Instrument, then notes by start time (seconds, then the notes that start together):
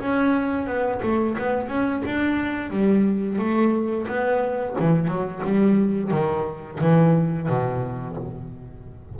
double bass
0.00 C#4
0.67 B3
1.03 A3
1.39 B3
1.69 C#4
2.06 D4
2.71 G3
3.39 A3
4.08 B3
4.80 E3
5.08 F#3
5.45 G3
6.11 D#3
6.81 E3
7.49 B2